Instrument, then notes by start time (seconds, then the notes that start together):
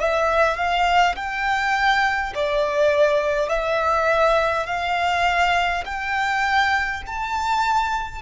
violin
0.00 E5
0.57 F5
1.16 G5
2.35 D5
3.49 E5
4.66 F5
5.86 G5
7.07 A5